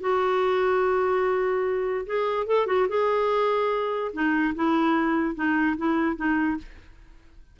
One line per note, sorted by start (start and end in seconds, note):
0.00 2.05 F#4
2.06 2.46 G#4
2.46 2.67 A4
2.67 2.87 F#4
2.88 4.12 G#4
4.13 4.54 D#4
4.55 5.35 E4
5.35 5.76 D#4
5.77 6.16 E4
6.16 6.57 D#4